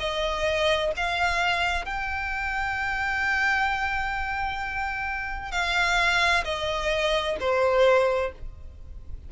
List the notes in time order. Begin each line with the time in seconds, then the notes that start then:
0.00 D#5
0.97 F5
1.85 G5
5.52 F5
6.45 D#5
7.41 C5